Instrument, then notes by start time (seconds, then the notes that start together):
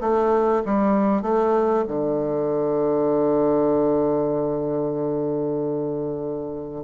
bassoon
0.00 A3
0.65 G3
1.21 A3
1.87 D3